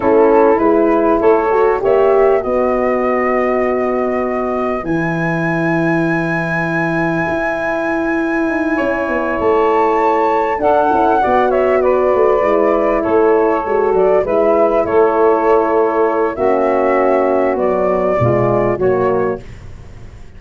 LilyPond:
<<
  \new Staff \with { instrumentName = "flute" } { \time 4/4 \tempo 4 = 99 a'4 b'4 cis''4 e''4 | dis''1 | gis''1~ | gis''2.~ gis''8 a''8~ |
a''4. fis''4. e''8 d''8~ | d''4. cis''4. d''8 e''8~ | e''8 cis''2~ cis''8 e''4~ | e''4 d''2 cis''4 | }
  \new Staff \with { instrumentName = "saxophone" } { \time 4/4 e'2 a'4 cis''4 | b'1~ | b'1~ | b'2~ b'8 cis''4.~ |
cis''4. a'4 d''8 cis''8 b'8~ | b'4. a'2 b'8~ | b'8 a'2~ a'8 fis'4~ | fis'2 f'4 fis'4 | }
  \new Staff \with { instrumentName = "horn" } { \time 4/4 cis'4 e'4. fis'8 g'4 | fis'1 | e'1~ | e'1~ |
e'4. d'8 e'8 fis'4.~ | fis'8 e'2 fis'4 e'8~ | e'2. cis'4~ | cis'4 fis4 gis4 ais4 | }
  \new Staff \with { instrumentName = "tuba" } { \time 4/4 a4 gis4 a4 ais4 | b1 | e1 | e'2 dis'8 cis'8 b8 a8~ |
a4. d'8 cis'8 b4. | a8 gis4 a4 gis8 fis8 gis8~ | gis8 a2~ a8 ais4~ | ais4 b4 b,4 fis4 | }
>>